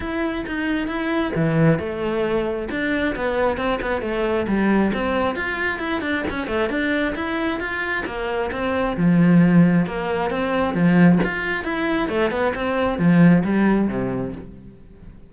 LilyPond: \new Staff \with { instrumentName = "cello" } { \time 4/4 \tempo 4 = 134 e'4 dis'4 e'4 e4 | a2 d'4 b4 | c'8 b8 a4 g4 c'4 | f'4 e'8 d'8 cis'8 a8 d'4 |
e'4 f'4 ais4 c'4 | f2 ais4 c'4 | f4 f'4 e'4 a8 b8 | c'4 f4 g4 c4 | }